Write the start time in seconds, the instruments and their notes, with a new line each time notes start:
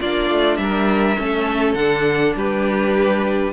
0.00 cello A#3, viola D4, violin F4 D5
0.30 cello A3
0.56 cello G3, violin E5
0.62 violin A#4
1.17 cello A3, viola C#4, violin A4
1.74 cello D3, viola D4, violin F#5
2.36 cello G3, violin G4 B4